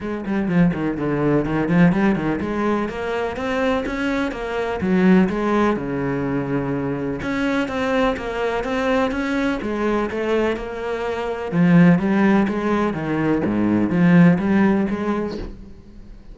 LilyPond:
\new Staff \with { instrumentName = "cello" } { \time 4/4 \tempo 4 = 125 gis8 g8 f8 dis8 d4 dis8 f8 | g8 dis8 gis4 ais4 c'4 | cis'4 ais4 fis4 gis4 | cis2. cis'4 |
c'4 ais4 c'4 cis'4 | gis4 a4 ais2 | f4 g4 gis4 dis4 | gis,4 f4 g4 gis4 | }